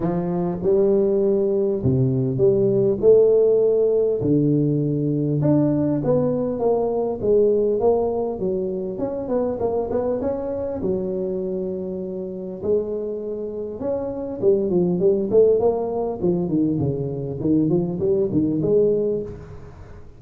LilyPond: \new Staff \with { instrumentName = "tuba" } { \time 4/4 \tempo 4 = 100 f4 g2 c4 | g4 a2 d4~ | d4 d'4 b4 ais4 | gis4 ais4 fis4 cis'8 b8 |
ais8 b8 cis'4 fis2~ | fis4 gis2 cis'4 | g8 f8 g8 a8 ais4 f8 dis8 | cis4 dis8 f8 g8 dis8 gis4 | }